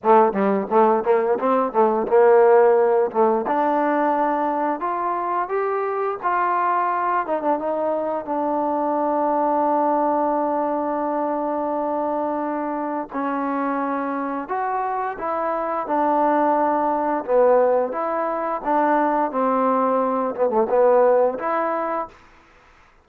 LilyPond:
\new Staff \with { instrumentName = "trombone" } { \time 4/4 \tempo 4 = 87 a8 g8 a8 ais8 c'8 a8 ais4~ | ais8 a8 d'2 f'4 | g'4 f'4. dis'16 d'16 dis'4 | d'1~ |
d'2. cis'4~ | cis'4 fis'4 e'4 d'4~ | d'4 b4 e'4 d'4 | c'4. b16 a16 b4 e'4 | }